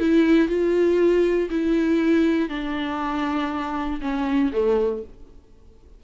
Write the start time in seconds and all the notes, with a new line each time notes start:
0.00 E4
0.49 F4
1.50 E4
2.50 D4
4.02 C#4
4.53 A3